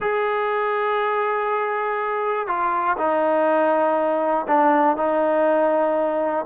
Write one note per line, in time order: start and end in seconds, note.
0.00 2.47 G#4
2.47 2.96 F4
2.97 4.46 D#4
4.47 4.96 D4
4.96 6.45 D#4